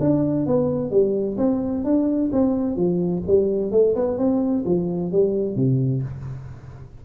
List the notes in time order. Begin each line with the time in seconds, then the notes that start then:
0.00 D4
0.46 B3
0.91 G3
1.37 C4
1.84 D4
2.32 C4
2.76 F3
3.27 G3
3.72 A3
3.96 B3
4.18 C4
4.66 F3
5.12 G3
5.56 C3